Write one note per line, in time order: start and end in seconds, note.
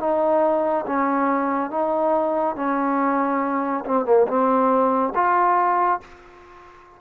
0.00 0.86 D#4
0.86 1.71 C#4
1.71 2.56 D#4
2.56 3.85 C#4
3.86 4.06 C4
4.06 4.27 A#3
4.28 5.14 C4
5.15 6.01 F4